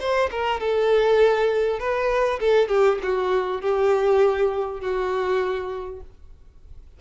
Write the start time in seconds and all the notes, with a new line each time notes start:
0.00 C5
0.31 A#4
0.60 A4
1.79 B4
2.40 A4
2.68 G4
3.03 F#4
3.61 G4
4.81 F#4